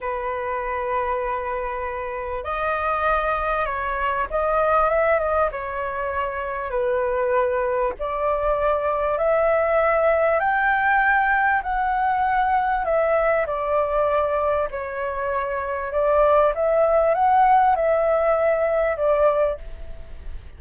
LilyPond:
\new Staff \with { instrumentName = "flute" } { \time 4/4 \tempo 4 = 98 b'1 | dis''2 cis''4 dis''4 | e''8 dis''8 cis''2 b'4~ | b'4 d''2 e''4~ |
e''4 g''2 fis''4~ | fis''4 e''4 d''2 | cis''2 d''4 e''4 | fis''4 e''2 d''4 | }